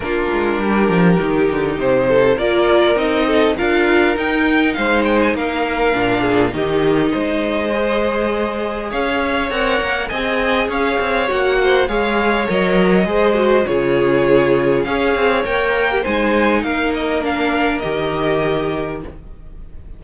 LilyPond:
<<
  \new Staff \with { instrumentName = "violin" } { \time 4/4 \tempo 4 = 101 ais'2. c''4 | d''4 dis''4 f''4 g''4 | f''8 g''16 gis''16 f''2 dis''4~ | dis''2. f''4 |
fis''4 gis''4 f''4 fis''4 | f''4 dis''2 cis''4~ | cis''4 f''4 g''4 gis''4 | f''8 dis''8 f''4 dis''2 | }
  \new Staff \with { instrumentName = "violin" } { \time 4/4 f'4 g'2~ g'8 a'8 | ais'4. a'8 ais'2 | c''4 ais'4. gis'8 g'4 | c''2. cis''4~ |
cis''4 dis''4 cis''4. c''8 | cis''2 c''4 gis'4~ | gis'4 cis''4.~ cis''16 g'16 c''4 | ais'1 | }
  \new Staff \with { instrumentName = "viola" } { \time 4/4 d'2 dis'2 | f'4 dis'4 f'4 dis'4~ | dis'2 d'4 dis'4~ | dis'4 gis'2. |
ais'4 gis'2 fis'4 | gis'4 ais'4 gis'8 fis'8 f'4~ | f'4 gis'4 ais'4 dis'4~ | dis'4 d'4 g'2 | }
  \new Staff \with { instrumentName = "cello" } { \time 4/4 ais8 gis8 g8 f8 dis8 d8 c4 | ais4 c'4 d'4 dis'4 | gis4 ais4 ais,4 dis4 | gis2. cis'4 |
c'8 ais8 c'4 cis'8 c'8 ais4 | gis4 fis4 gis4 cis4~ | cis4 cis'8 c'8 ais4 gis4 | ais2 dis2 | }
>>